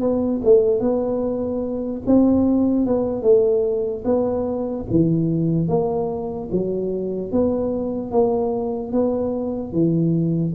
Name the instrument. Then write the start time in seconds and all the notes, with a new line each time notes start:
tuba
0.00 B3
0.44 A3
0.80 B3
2.06 C4
2.86 B3
3.22 A3
4.04 B3
4.90 E3
5.68 A#3
6.51 F#3
7.32 B3
8.11 A#3
8.92 B3
9.72 E3